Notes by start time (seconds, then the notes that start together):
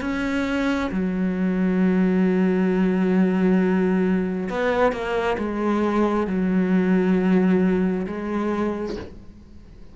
0.00 C#4
0.91 F#3
4.49 B3
4.92 A#3
5.37 G#3
6.27 F#3
8.06 G#3